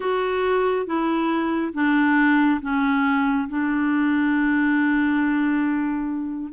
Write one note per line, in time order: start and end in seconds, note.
0.00 0.86 F#4
0.86 1.73 E4
1.73 2.60 D4
2.61 3.48 C#4
3.48 6.52 D4